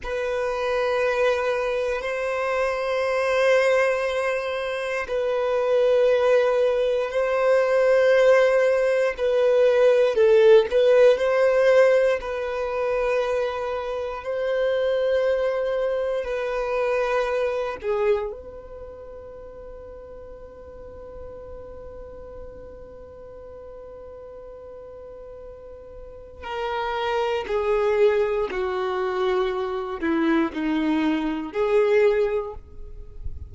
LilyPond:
\new Staff \with { instrumentName = "violin" } { \time 4/4 \tempo 4 = 59 b'2 c''2~ | c''4 b'2 c''4~ | c''4 b'4 a'8 b'8 c''4 | b'2 c''2 |
b'4. gis'8 b'2~ | b'1~ | b'2 ais'4 gis'4 | fis'4. e'8 dis'4 gis'4 | }